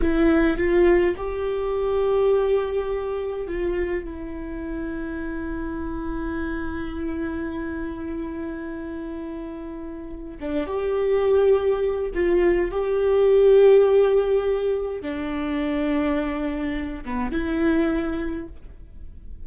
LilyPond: \new Staff \with { instrumentName = "viola" } { \time 4/4 \tempo 4 = 104 e'4 f'4 g'2~ | g'2 f'4 e'4~ | e'1~ | e'1~ |
e'2 d'8 g'4.~ | g'4 f'4 g'2~ | g'2 d'2~ | d'4. b8 e'2 | }